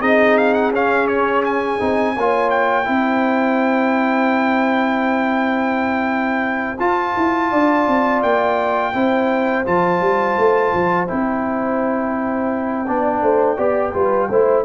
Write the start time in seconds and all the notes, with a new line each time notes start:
0.00 C4 D#4 G#4 D#5
0.37 F5
0.53 F#5
0.71 C#4 F5
1.07 C#5
1.44 G#5
1.79 C4 D#4
2.16 A#3 F4 C#5
2.50 G5
2.84 C4 E4 C5
6.79 F4 A5
7.16 E4
7.50 D4 D5
7.87 C4
8.22 A#3 G5
8.93 C4 E4 C5
9.65 F3 F4 A5
10.00 G3
10.37 A3
10.73 F3
11.07 C4 E4 G5
12.86 B3 D4 D5
13.21 A3 C5
13.56 B3 G4 D5
13.93 G3 F4 B4
14.29 A3 E4 C5